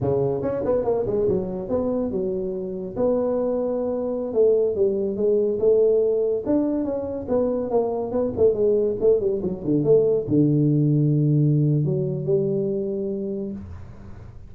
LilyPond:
\new Staff \with { instrumentName = "tuba" } { \time 4/4 \tempo 4 = 142 cis4 cis'8 b8 ais8 gis8 fis4 | b4 fis2 b4~ | b2~ b16 a4 g8.~ | g16 gis4 a2 d'8.~ |
d'16 cis'4 b4 ais4 b8 a16~ | a16 gis4 a8 g8 fis8 d8 a8.~ | a16 d2.~ d8. | fis4 g2. | }